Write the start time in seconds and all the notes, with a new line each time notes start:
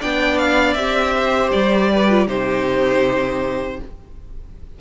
0.00 B3 D4 D5 G5
0.38 F5
0.73 C4 G4 E5
1.15 C5
1.52 G3 D5
1.92 B4
2.09 F4
2.27 C3 D#4 G4 C5